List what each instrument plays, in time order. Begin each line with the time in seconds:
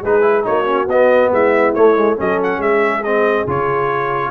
0.00 tuba G#3, trombone D#4, horn G#4, trumpet B4
0.21 trombone E4
0.43 tuba A#3, trombone D#4, horn F#4, trumpet C#5
0.65 trombone C#4
0.87 tuba B3, trombone B3, trumpet D#5
1.30 tuba G#3, horn E4, trumpet E5
1.74 tuba A3, trombone A3, trumpet C#5
1.95 trombone G#3
2.16 tuba F#3, trombone C#4, horn A4, trumpet D#5
2.43 trumpet F#5
2.58 tuba G#3, horn G#4, trumpet E5
3.03 trombone C4, trumpet D#5
3.46 tuba C#3, trombone F4, trumpet C#5